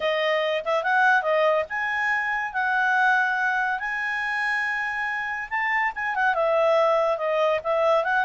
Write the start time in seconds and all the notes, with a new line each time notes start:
0.00 D#5
0.64 E5
0.83 F#5
1.22 D#5
1.69 G#5
2.53 F#5
3.79 G#5
5.50 A5
5.95 G#5
6.15 F#5
6.34 E5
7.17 D#5
7.63 E5
8.04 F#5